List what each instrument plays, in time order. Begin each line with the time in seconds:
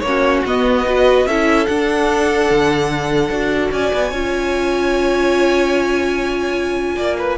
0.00 cello A#3, viola C#4, violin C#5
0.07 violin F#4
0.45 cello B3, viola B3, violin D#5
0.85 viola F#4, violin B4
1.26 cello C#4, viola E4, violin A4 E5
1.66 viola D4, cello D4, violin F#5
2.50 cello D3
3.29 cello D4, viola F#4
3.71 cello C#4, violin D5 G#5
3.93 cello B3
4.10 cello C#4, viola F4, violin C#5
6.96 cello A#3, violin D5
7.18 violin B4